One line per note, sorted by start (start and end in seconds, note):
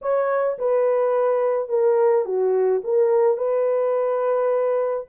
0.01 0.58 C#5
0.58 1.68 B4
1.68 2.25 A#4
2.25 2.81 F#4
2.84 3.37 A#4
3.37 5.07 B4